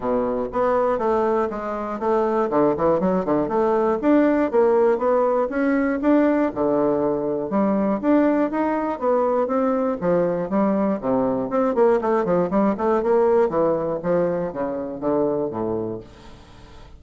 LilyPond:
\new Staff \with { instrumentName = "bassoon" } { \time 4/4 \tempo 4 = 120 b,4 b4 a4 gis4 | a4 d8 e8 fis8 d8 a4 | d'4 ais4 b4 cis'4 | d'4 d2 g4 |
d'4 dis'4 b4 c'4 | f4 g4 c4 c'8 ais8 | a8 f8 g8 a8 ais4 e4 | f4 cis4 d4 a,4 | }